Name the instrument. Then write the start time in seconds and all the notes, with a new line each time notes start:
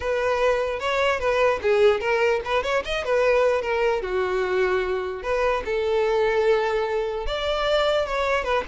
violin
0.00 B4
0.79 C#5
1.19 B4
1.62 G#4
2.00 A#4
2.44 B4
2.63 C#5
2.84 D#5
3.04 B4
3.61 A#4
4.01 F#4
5.23 B4
5.65 A4
7.26 D5
8.06 C#5
8.44 B4